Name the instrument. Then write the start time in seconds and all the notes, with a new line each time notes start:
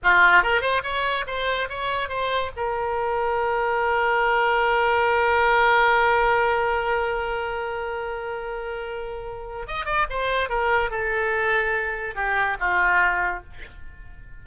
oboe
0.03 F4
0.43 A#4
0.61 C5
0.83 C#5
1.27 C5
1.69 C#5
2.08 C5
2.56 A#4
9.67 D#5
9.85 D5
10.09 C5
10.49 A#4
10.90 A4
12.15 G4
12.59 F4